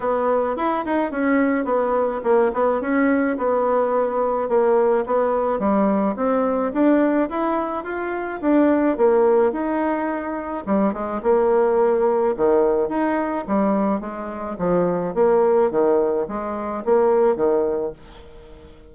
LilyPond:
\new Staff \with { instrumentName = "bassoon" } { \time 4/4 \tempo 4 = 107 b4 e'8 dis'8 cis'4 b4 | ais8 b8 cis'4 b2 | ais4 b4 g4 c'4 | d'4 e'4 f'4 d'4 |
ais4 dis'2 g8 gis8 | ais2 dis4 dis'4 | g4 gis4 f4 ais4 | dis4 gis4 ais4 dis4 | }